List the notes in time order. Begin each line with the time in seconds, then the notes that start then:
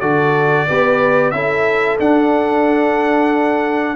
0.00 D3 F#4 A4 D5
0.68 B3 G4 B4
1.31 C#4 E4 A4 E5
1.98 D4 F#5